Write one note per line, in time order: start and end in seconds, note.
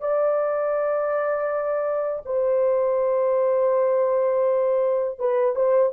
0.00 2.22 D5
2.25 5.19 C5
5.19 5.55 B4
5.55 5.92 C5